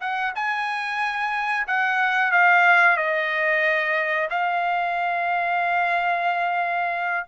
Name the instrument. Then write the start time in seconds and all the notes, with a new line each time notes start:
trumpet
0.00 F#5
0.35 G#5
1.67 F#5
2.32 F5
2.97 D#5
4.30 F5